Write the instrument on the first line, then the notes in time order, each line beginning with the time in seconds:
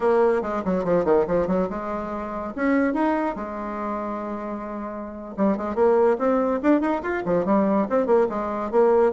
bassoon
0.00 A#3
0.41 G#3
0.65 F#3
0.84 F3
1.04 D#3
1.27 F3
1.47 F#3
1.69 G#3
2.55 C#4
2.93 D#4
3.35 G#3
5.36 G3
5.57 G#3
5.75 A#3
6.18 C4
6.62 D4
6.80 D#4
7.02 F4
7.25 F3
7.45 G3
7.89 C4
8.06 A#3
8.29 G#3
8.71 A#3